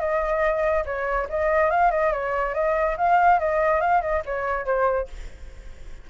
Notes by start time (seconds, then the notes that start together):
0.00 D#5
0.85 C#5
1.29 D#5
1.70 F5
1.91 D#5
2.12 C#5
2.54 D#5
2.98 F5
3.40 D#5
3.81 F5
4.02 D#5
4.25 C#5
4.66 C5